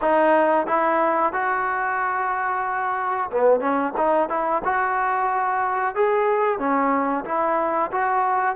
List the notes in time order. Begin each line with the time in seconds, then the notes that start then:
0.01 D#4
0.66 E4
1.32 F#4
3.31 B3
3.60 C#4
3.97 D#4
4.29 E4
4.64 F#4
5.95 G#4
6.58 C#4
7.25 E4
7.91 F#4